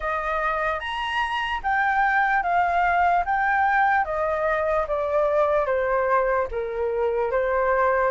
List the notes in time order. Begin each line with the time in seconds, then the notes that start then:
0.00 D#5
0.79 A#5
1.63 G5
2.43 F5
3.25 G5
4.04 D#5
4.87 D5
5.66 C5
6.51 A#4
7.31 C5